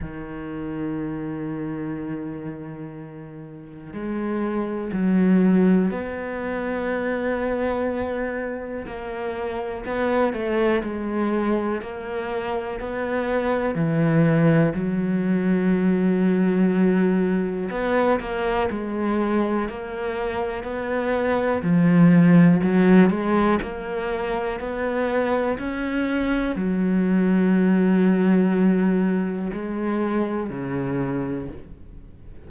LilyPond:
\new Staff \with { instrumentName = "cello" } { \time 4/4 \tempo 4 = 61 dis1 | gis4 fis4 b2~ | b4 ais4 b8 a8 gis4 | ais4 b4 e4 fis4~ |
fis2 b8 ais8 gis4 | ais4 b4 f4 fis8 gis8 | ais4 b4 cis'4 fis4~ | fis2 gis4 cis4 | }